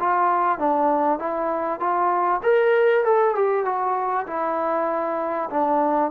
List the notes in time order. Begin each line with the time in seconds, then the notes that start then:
0.00 F4
0.58 D4
1.19 E4
1.80 F4
2.43 A#4
3.04 A4
3.35 G4
3.65 F#4
4.27 E4
5.50 D4